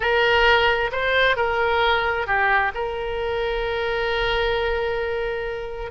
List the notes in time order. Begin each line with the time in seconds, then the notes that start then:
0.00 A#4
0.92 C5
1.36 A#4
2.26 G4
2.74 A#4